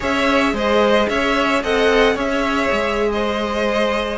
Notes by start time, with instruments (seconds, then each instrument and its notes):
0.00 cello C#4, viola G#4, violin C#5 E5
0.53 cello G#3, violin C5 D#5
1.08 cello C#4, violin C#5 E5
1.63 cello C4, viola A4, violin D#5 F#5
2.14 cello C#4, viola G#4, violin C#5 E5
2.71 cello G#3
3.11 violin C5 D#5